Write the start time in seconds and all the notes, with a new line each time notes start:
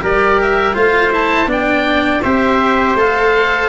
0.00 G3 G4 A#4 D5
0.41 E5
0.74 A3 F4 C5 F5
1.12 E4 A5
1.46 B3 D4 D5 G5
2.23 C4 G4 C5 E5
2.95 A3 A4 F5